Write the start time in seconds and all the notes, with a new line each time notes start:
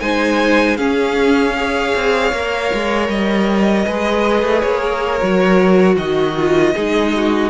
0.00 G#3 D#4 C5 G#5
0.77 C#4 G#4 F5
1.57 G#4 C#5
1.96 C4
2.32 A#3 A#4
2.74 G#3
3.08 G3 D#5
3.85 G#3 G#4 B4
4.43 A3
4.61 A#3 C#5
4.81 A#4
5.22 F#3 F#4
5.97 D#3 F#4 D#5
6.38 F4
6.74 G#3 D#4 G#4
7.15 F#4